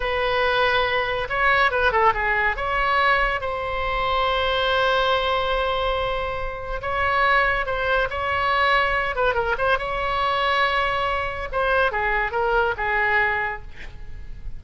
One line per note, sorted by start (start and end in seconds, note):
0.00 1.27 B4
1.29 1.71 C#5
1.71 1.92 B4
1.92 2.13 A4
2.14 2.56 G#4
2.56 3.40 C#5
3.40 6.81 C5
6.81 7.66 C#5
7.66 8.08 C5
8.09 9.15 C#5
9.15 9.34 B4
9.34 9.55 A#4
9.58 9.78 C5
9.78 11.48 C#5
11.52 11.91 C5
11.91 12.31 G#4
12.31 12.74 A#4
12.77 13.62 G#4